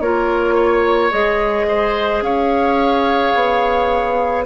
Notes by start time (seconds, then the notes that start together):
0.00 A#3 F4 A#4 C#5
0.55 C#5
1.11 G#3 G#4 D#5
1.68 C5
2.21 C#4 C#5 F5
3.34 B3